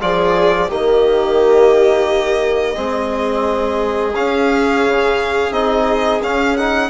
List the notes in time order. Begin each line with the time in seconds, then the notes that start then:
0.00 F3 F4 G#4 D5
0.68 D#3 A#3 G4 D#5
2.75 G#3 C4 G#4
4.14 C#4 F5
4.86 C#3
5.51 C4 D#4 D#5
6.22 C#4 F5
6.56 D#4 F#5